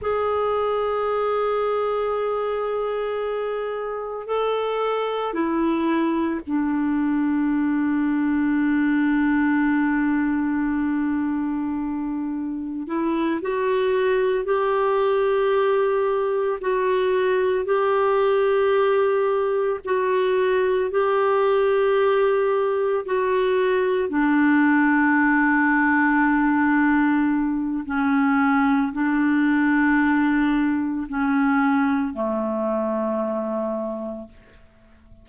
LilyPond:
\new Staff \with { instrumentName = "clarinet" } { \time 4/4 \tempo 4 = 56 gis'1 | a'4 e'4 d'2~ | d'1 | e'8 fis'4 g'2 fis'8~ |
fis'8 g'2 fis'4 g'8~ | g'4. fis'4 d'4.~ | d'2 cis'4 d'4~ | d'4 cis'4 a2 | }